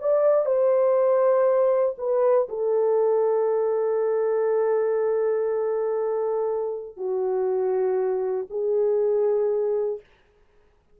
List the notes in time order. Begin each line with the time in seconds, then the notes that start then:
0.00 D5
0.45 C5
1.97 B4
2.48 A4
6.96 F#4
8.50 G#4